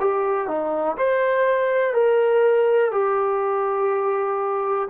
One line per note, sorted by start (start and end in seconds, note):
0.00 0.48 G4
0.48 0.97 D#4
0.97 1.94 C5
1.94 2.92 A#4
2.92 4.89 G4